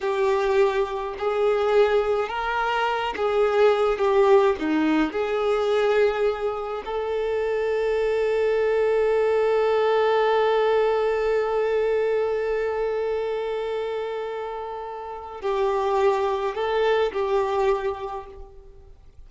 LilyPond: \new Staff \with { instrumentName = "violin" } { \time 4/4 \tempo 4 = 105 g'2 gis'2 | ais'4. gis'4. g'4 | dis'4 gis'2. | a'1~ |
a'1~ | a'1~ | a'2. g'4~ | g'4 a'4 g'2 | }